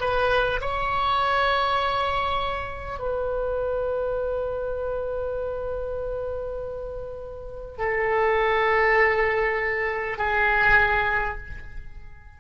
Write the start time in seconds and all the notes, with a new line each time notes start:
0.00 B4
0.61 C#5
2.99 B4
7.78 A4
10.18 G#4